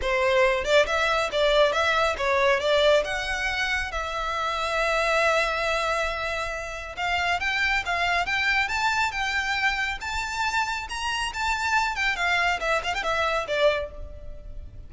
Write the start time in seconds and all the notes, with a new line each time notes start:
0.01 C5
0.64 D5
0.86 E5
1.32 D5
1.72 E5
2.17 C#5
2.59 D5
3.04 F#5
3.91 E5
6.96 F5
7.40 G5
7.85 F5
8.25 G5
8.68 A5
9.11 G5
10.00 A5
10.89 A#5
11.33 A5
11.95 G5
12.16 F5
12.60 E5
12.83 F5
12.94 G5
13.03 E5
13.47 D5